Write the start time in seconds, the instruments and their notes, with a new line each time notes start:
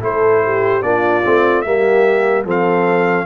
0.00 tuba A3, trombone E4, horn A4, trumpet C5
0.45 horn G4
0.82 tuba A#3, trombone D4, horn F4, trumpet D5
1.25 tuba A3, trombone C4
1.61 tuba G3, trombone A#3, horn G4, trumpet E5
2.45 tuba F3, trombone C4, horn A4, trumpet F5